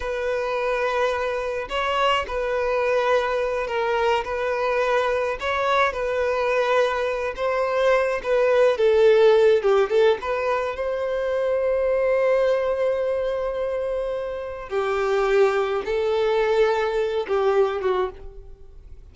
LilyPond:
\new Staff \with { instrumentName = "violin" } { \time 4/4 \tempo 4 = 106 b'2. cis''4 | b'2~ b'8 ais'4 b'8~ | b'4. cis''4 b'4.~ | b'4 c''4. b'4 a'8~ |
a'4 g'8 a'8 b'4 c''4~ | c''1~ | c''2 g'2 | a'2~ a'8 g'4 fis'8 | }